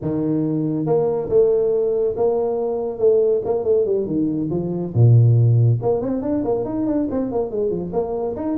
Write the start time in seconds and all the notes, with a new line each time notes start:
0.01 D#3
0.86 A#3
1.29 A3
2.16 A#3
2.98 A3
3.44 A#3
3.64 A3
3.85 G3
4.06 D#3
4.50 F3
4.94 A#2
5.82 A#3
6.01 C4
6.22 D4
6.44 A#3
6.64 D#4
6.86 D4
7.10 C4
7.31 A#3
7.51 G#3
7.70 F3
7.92 A#3
8.36 D#4